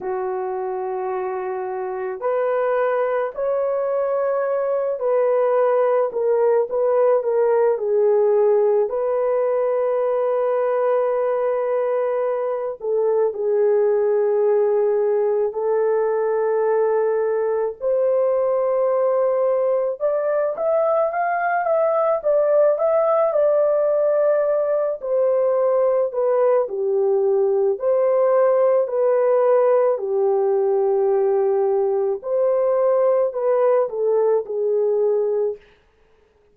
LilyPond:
\new Staff \with { instrumentName = "horn" } { \time 4/4 \tempo 4 = 54 fis'2 b'4 cis''4~ | cis''8 b'4 ais'8 b'8 ais'8 gis'4 | b'2.~ b'8 a'8 | gis'2 a'2 |
c''2 d''8 e''8 f''8 e''8 | d''8 e''8 d''4. c''4 b'8 | g'4 c''4 b'4 g'4~ | g'4 c''4 b'8 a'8 gis'4 | }